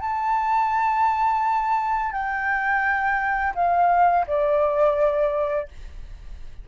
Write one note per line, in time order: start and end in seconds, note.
0.00 2.12 A5
2.12 3.53 G5
3.55 4.25 F5
4.27 5.68 D5